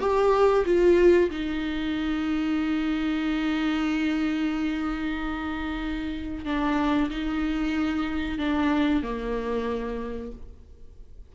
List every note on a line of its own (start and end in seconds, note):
0.00 0.65 G4
0.65 1.29 F4
1.30 6.45 D#4
6.45 7.09 D4
7.10 8.38 D#4
8.38 9.02 D4
9.02 10.31 A#3